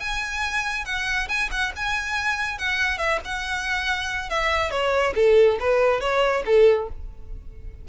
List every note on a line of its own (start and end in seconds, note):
0.00 0.85 G#5
0.85 1.28 F#5
1.28 1.50 G#5
1.51 1.72 F#5
1.76 2.58 G#5
2.58 2.98 F#5
2.98 3.19 E5
3.25 4.30 F#5
4.30 4.71 E5
4.71 5.14 C#5
5.15 5.58 A4
5.59 6.00 B4
6.00 6.43 C#5
6.45 6.88 A4